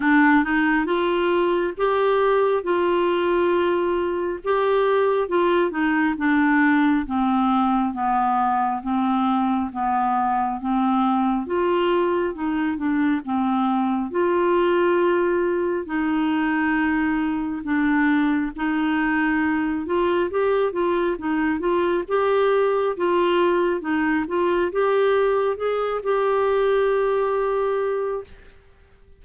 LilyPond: \new Staff \with { instrumentName = "clarinet" } { \time 4/4 \tempo 4 = 68 d'8 dis'8 f'4 g'4 f'4~ | f'4 g'4 f'8 dis'8 d'4 | c'4 b4 c'4 b4 | c'4 f'4 dis'8 d'8 c'4 |
f'2 dis'2 | d'4 dis'4. f'8 g'8 f'8 | dis'8 f'8 g'4 f'4 dis'8 f'8 | g'4 gis'8 g'2~ g'8 | }